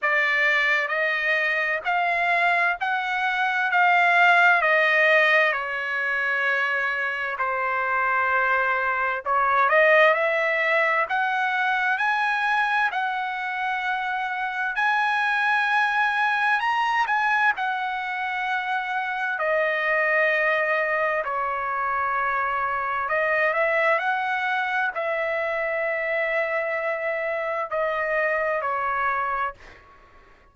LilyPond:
\new Staff \with { instrumentName = "trumpet" } { \time 4/4 \tempo 4 = 65 d''4 dis''4 f''4 fis''4 | f''4 dis''4 cis''2 | c''2 cis''8 dis''8 e''4 | fis''4 gis''4 fis''2 |
gis''2 ais''8 gis''8 fis''4~ | fis''4 dis''2 cis''4~ | cis''4 dis''8 e''8 fis''4 e''4~ | e''2 dis''4 cis''4 | }